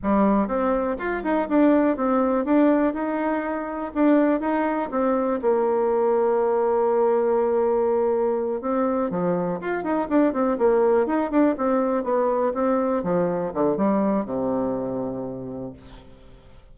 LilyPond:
\new Staff \with { instrumentName = "bassoon" } { \time 4/4 \tempo 4 = 122 g4 c'4 f'8 dis'8 d'4 | c'4 d'4 dis'2 | d'4 dis'4 c'4 ais4~ | ais1~ |
ais4. c'4 f4 f'8 | dis'8 d'8 c'8 ais4 dis'8 d'8 c'8~ | c'8 b4 c'4 f4 d8 | g4 c2. | }